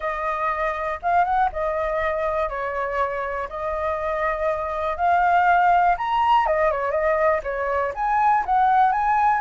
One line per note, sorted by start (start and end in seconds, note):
0.00 0.99 D#5
1.02 1.24 F5
1.24 1.49 F#5
1.52 2.49 D#5
2.49 3.48 C#5
3.49 4.96 D#5
4.96 5.95 F5
5.97 6.46 A#5
6.46 6.71 D#5
6.71 6.91 C#5
6.91 7.40 D#5
7.43 7.92 C#5
7.95 8.44 G#5
8.45 8.92 F#5
8.92 9.41 G#5